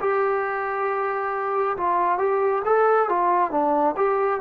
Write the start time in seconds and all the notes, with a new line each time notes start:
0.00 G4
1.77 F4
2.18 G4
2.65 A4
3.09 F4
3.51 D4
3.97 G4